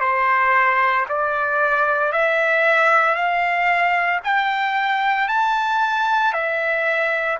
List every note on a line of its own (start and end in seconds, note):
0.00 1.05 C5
1.08 2.12 D5
2.12 3.14 E5
3.14 4.20 F5
4.23 5.28 G5
5.28 6.33 A5
6.33 7.38 E5